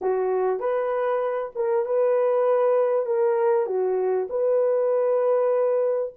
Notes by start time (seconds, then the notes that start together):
0.01 F#4
0.59 B4
1.55 A#4
1.85 B4
3.06 A#4
3.66 F#4
4.29 B4